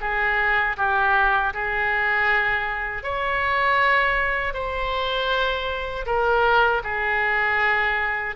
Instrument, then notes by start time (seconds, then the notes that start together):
oboe
0.00 G#4
0.77 G4
1.53 G#4
3.03 C#5
4.53 C5
6.06 A#4
6.83 G#4